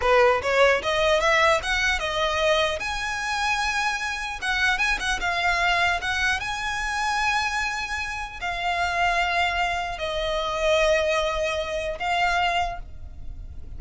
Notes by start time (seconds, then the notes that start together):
0.01 B4
0.41 C#5
0.82 D#5
1.20 E5
1.62 F#5
1.99 D#5
2.79 G#5
4.41 F#5
4.78 G#5
4.99 F#5
5.20 F5
6.01 F#5
6.39 G#5
8.40 F5
9.98 D#5
11.99 F5